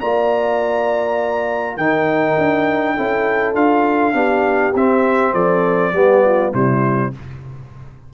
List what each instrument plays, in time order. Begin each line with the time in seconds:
0.00 tuba A#3, trombone F4, horn D5, trumpet A#5
1.77 tuba D#3, trombone D#4, horn A#4, trumpet G5
2.38 tuba D4
2.96 tuba C#4, trombone E4, horn A4
3.54 tuba D4, trombone F4, trumpet F5
4.13 tuba B3, trombone D4, horn G4
4.74 tuba C4, trombone C4, trumpet E5
5.33 tuba F3, horn A4, trumpet D5
5.93 tuba G3, trombone B3, horn G4
6.25 horn F4
6.53 tuba C3, trombone G3, horn E4, trumpet C5